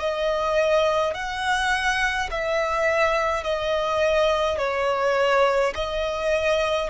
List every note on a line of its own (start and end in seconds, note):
0.00 1.14 D#5
1.14 2.30 F#5
2.31 3.44 E5
3.44 4.58 D#5
4.58 5.74 C#5
5.75 6.90 D#5